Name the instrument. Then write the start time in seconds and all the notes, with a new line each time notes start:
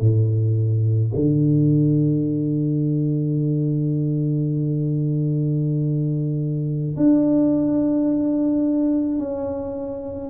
tuba
0.00 A2
1.15 D3
6.96 D4
9.18 C#4